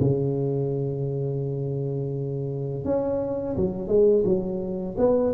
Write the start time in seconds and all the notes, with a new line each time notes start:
0.00 C#3
2.85 C#4
3.57 F#3
3.88 G#3
4.25 F#3
4.98 B3